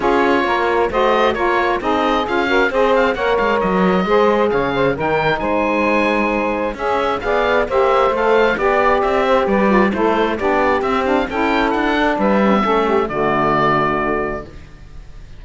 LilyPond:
<<
  \new Staff \with { instrumentName = "oboe" } { \time 4/4 \tempo 4 = 133 cis''2 dis''4 cis''4 | dis''4 f''4 dis''8 f''8 fis''8 f''8 | dis''2 f''4 g''4 | gis''2. e''4 |
f''4 e''4 f''4 d''4 | e''4 d''4 c''4 d''4 | e''8 f''8 g''4 fis''4 e''4~ | e''4 d''2. | }
  \new Staff \with { instrumentName = "saxophone" } { \time 4/4 gis'4 ais'4 c''4 ais'4 | gis'4. ais'8 c''4 cis''4~ | cis''4 c''4 cis''8 c''8 ais'4 | c''2. gis'4 |
d''4 c''2 d''4~ | d''8 c''8 b'4 a'4 g'4~ | g'4 a'2 b'4 | a'8 g'8 fis'2. | }
  \new Staff \with { instrumentName = "saxophone" } { \time 4/4 f'2 fis'4 f'4 | dis'4 f'8 fis'8 gis'4 ais'4~ | ais'4 gis'2 dis'4~ | dis'2. cis'4 |
gis'4 g'4 a'4 g'4~ | g'4. f'8 e'4 d'4 | c'8 d'8 e'4. d'4 cis'16 b16 | cis'4 a2. | }
  \new Staff \with { instrumentName = "cello" } { \time 4/4 cis'4 ais4 a4 ais4 | c'4 cis'4 c'4 ais8 gis8 | fis4 gis4 cis4 dis4 | gis2. cis'4 |
b4 ais4 a4 b4 | c'4 g4 a4 b4 | c'4 cis'4 d'4 g4 | a4 d2. | }
>>